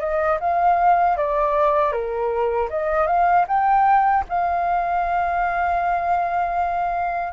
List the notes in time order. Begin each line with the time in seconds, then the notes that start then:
0.00 D#5
0.40 F5
1.17 D5
1.92 A#4
2.70 D#5
3.07 F5
3.48 G5
4.29 F5